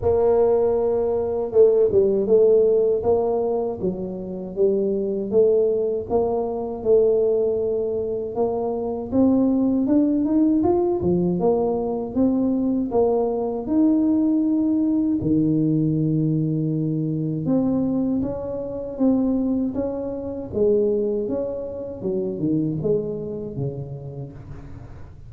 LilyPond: \new Staff \with { instrumentName = "tuba" } { \time 4/4 \tempo 4 = 79 ais2 a8 g8 a4 | ais4 fis4 g4 a4 | ais4 a2 ais4 | c'4 d'8 dis'8 f'8 f8 ais4 |
c'4 ais4 dis'2 | dis2. c'4 | cis'4 c'4 cis'4 gis4 | cis'4 fis8 dis8 gis4 cis4 | }